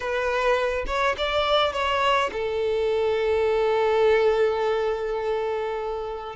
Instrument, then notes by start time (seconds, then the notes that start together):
violin
0.00 B4
0.87 C#5
1.17 D5
1.73 C#5
2.32 A4